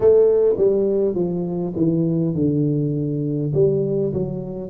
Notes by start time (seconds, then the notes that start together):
0.00 A3
0.57 G3
1.14 F3
1.75 E3
2.35 D3
3.53 G3
4.13 F#3